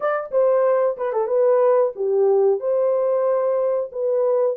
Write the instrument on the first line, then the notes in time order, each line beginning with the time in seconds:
horn
0.00 D5
0.31 C5
0.97 B4
1.13 A4
1.27 B4
1.95 G4
2.59 C5
3.92 B4